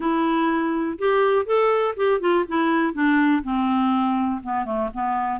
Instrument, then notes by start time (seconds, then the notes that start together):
clarinet
0.00 E4
0.98 G4
1.45 A4
1.96 G4
2.20 F4
2.47 E4
2.93 D4
3.43 C4
4.43 B3
4.65 A3
4.93 B3